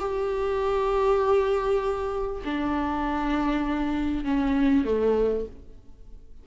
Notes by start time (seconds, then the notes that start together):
0.00 G4
2.45 D4
4.25 C#4
4.85 A3